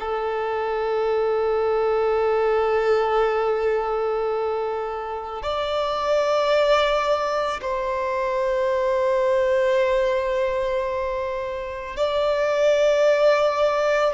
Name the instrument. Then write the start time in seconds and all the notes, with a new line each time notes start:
violin
0.00 A4
5.42 D5
7.62 C5
11.97 D5